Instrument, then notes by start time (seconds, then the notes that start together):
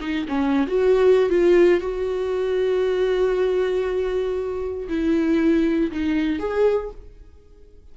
viola
0.00 D#4
0.28 C#4
0.67 F#4
1.29 F4
1.80 F#4
4.88 E4
5.91 D#4
6.39 G#4